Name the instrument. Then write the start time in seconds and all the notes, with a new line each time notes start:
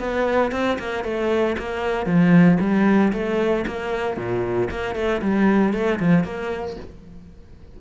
cello
0.00 B3
0.52 C4
0.79 A#3
1.05 A3
1.59 A#3
2.07 F3
2.61 G3
3.13 A3
3.67 A#3
4.18 A#2
4.71 A#3
4.96 A3
5.22 G3
5.74 A3
6.00 F3
6.25 A#3